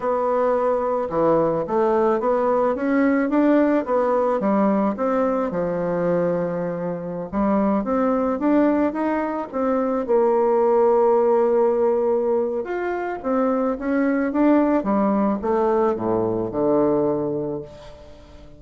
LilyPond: \new Staff \with { instrumentName = "bassoon" } { \time 4/4 \tempo 4 = 109 b2 e4 a4 | b4 cis'4 d'4 b4 | g4 c'4 f2~ | f4~ f16 g4 c'4 d'8.~ |
d'16 dis'4 c'4 ais4.~ ais16~ | ais2. f'4 | c'4 cis'4 d'4 g4 | a4 a,4 d2 | }